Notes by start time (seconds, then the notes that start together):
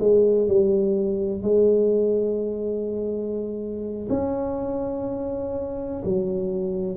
0.00 G#3
0.48 G3
1.43 G#3
4.10 C#4
6.05 F#3